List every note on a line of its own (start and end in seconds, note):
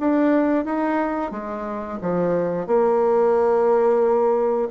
0.00 0.66 D4
0.66 1.32 D#4
1.32 1.99 G#3
2.02 2.67 F3
2.67 4.69 A#3